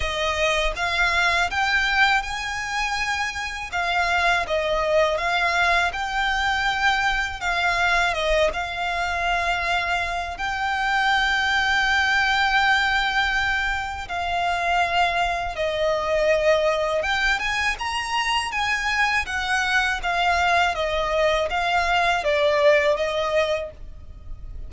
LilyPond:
\new Staff \with { instrumentName = "violin" } { \time 4/4 \tempo 4 = 81 dis''4 f''4 g''4 gis''4~ | gis''4 f''4 dis''4 f''4 | g''2 f''4 dis''8 f''8~ | f''2 g''2~ |
g''2. f''4~ | f''4 dis''2 g''8 gis''8 | ais''4 gis''4 fis''4 f''4 | dis''4 f''4 d''4 dis''4 | }